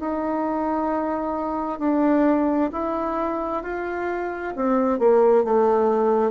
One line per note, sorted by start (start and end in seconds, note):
0.00 1.79 D#4
1.79 2.70 D4
2.72 3.63 E4
3.63 4.54 F4
4.56 4.99 C4
4.99 5.44 A#3
5.44 6.31 A3